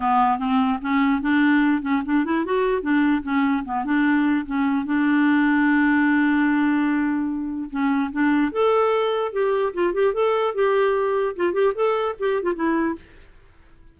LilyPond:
\new Staff \with { instrumentName = "clarinet" } { \time 4/4 \tempo 4 = 148 b4 c'4 cis'4 d'4~ | d'8 cis'8 d'8 e'8 fis'4 d'4 | cis'4 b8 d'4. cis'4 | d'1~ |
d'2. cis'4 | d'4 a'2 g'4 | f'8 g'8 a'4 g'2 | f'8 g'8 a'4 g'8. f'16 e'4 | }